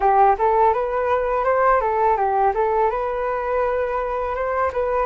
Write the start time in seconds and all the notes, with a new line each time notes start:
0.00 G4
0.38 A4
0.73 B4
1.44 C5
1.81 A4
2.16 G4
2.54 A4
2.90 B4
4.35 C5
4.73 B4